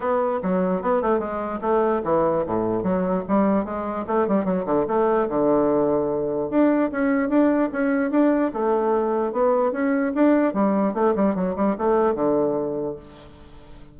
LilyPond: \new Staff \with { instrumentName = "bassoon" } { \time 4/4 \tempo 4 = 148 b4 fis4 b8 a8 gis4 | a4 e4 a,4 fis4 | g4 gis4 a8 g8 fis8 d8 | a4 d2. |
d'4 cis'4 d'4 cis'4 | d'4 a2 b4 | cis'4 d'4 g4 a8 g8 | fis8 g8 a4 d2 | }